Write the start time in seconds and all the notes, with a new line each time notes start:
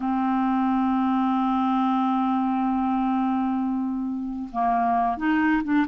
0.00 C4
4.52 A#3
5.17 D#4
5.63 D4